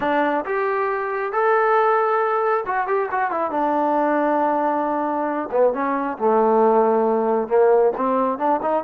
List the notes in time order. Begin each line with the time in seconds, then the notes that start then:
0.00 D4
0.45 G4
1.32 A4
2.66 F#4
2.87 G4
3.11 F#4
3.30 E4
3.50 D4
5.51 B3
5.73 C#4
6.17 A3
7.48 A#3
7.97 C4
8.38 D4
8.62 D#4